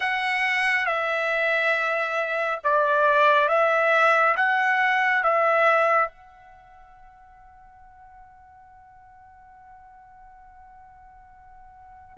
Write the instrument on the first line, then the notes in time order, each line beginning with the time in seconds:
trumpet
0.00 F#5
0.86 E5
2.63 D5
3.48 E5
4.36 F#5
5.23 E5
6.08 F#5